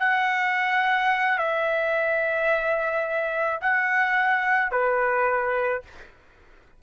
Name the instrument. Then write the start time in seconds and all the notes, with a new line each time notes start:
trumpet
0.00 F#5
1.38 E5
3.61 F#5
4.72 B4